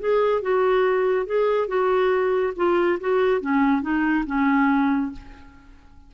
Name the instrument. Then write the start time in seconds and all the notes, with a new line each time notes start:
clarinet
0.00 G#4
0.42 F#4
1.26 G#4
1.68 F#4
2.57 F4
3.00 F#4
3.41 C#4
3.82 D#4
4.27 C#4